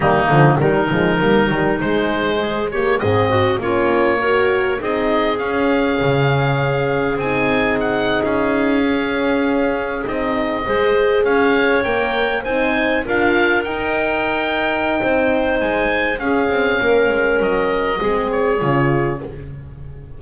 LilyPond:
<<
  \new Staff \with { instrumentName = "oboe" } { \time 4/4 \tempo 4 = 100 dis'4 ais'2 c''4~ | c''8 cis''8 dis''4 cis''2 | dis''4 f''2. | gis''4 fis''8. f''2~ f''16~ |
f''8. dis''2 f''4 g''16~ | g''8. gis''4 f''4 g''4~ g''16~ | g''2 gis''4 f''4~ | f''4 dis''4. cis''4. | }
  \new Staff \with { instrumentName = "clarinet" } { \time 4/4 ais4 dis'2. | gis'8 g'8 gis'8 fis'8 f'4 ais'4 | gis'1~ | gis'1~ |
gis'4.~ gis'16 c''4 cis''4~ cis''16~ | cis''8. c''4 ais'2~ ais'16~ | ais'4 c''2 gis'4 | ais'2 gis'2 | }
  \new Staff \with { instrumentName = "horn" } { \time 4/4 g8 f8 g8 gis8 ais8 g8 gis4~ | gis8 ais8 c'4 cis'4 fis'4 | dis'4 cis'2. | dis'2~ dis'8. cis'4~ cis'16~ |
cis'8. dis'4 gis'2 ais'16~ | ais'8. dis'4 f'4 dis'4~ dis'16~ | dis'2. cis'4~ | cis'2 c'4 f'4 | }
  \new Staff \with { instrumentName = "double bass" } { \time 4/4 dis8 d8 dis8 f8 g8 dis8 gis4~ | gis4 gis,4 ais2 | c'4 cis'4 cis2 | c'4.~ c'16 cis'2~ cis'16~ |
cis'8. c'4 gis4 cis'4 ais16~ | ais8. c'4 d'4 dis'4~ dis'16~ | dis'4 c'4 gis4 cis'8 c'8 | ais8 gis8 fis4 gis4 cis4 | }
>>